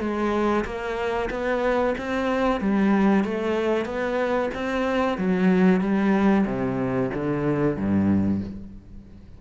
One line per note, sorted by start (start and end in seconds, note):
0.00 0.65 G#3
0.65 1.29 A#3
1.30 1.95 B3
1.98 2.61 C4
2.61 3.24 G3
3.24 3.85 A3
3.85 4.50 B3
4.54 5.18 C4
5.18 5.80 F#3
5.80 6.45 G3
6.46 7.11 C3
7.14 7.77 D3
7.77 8.41 G2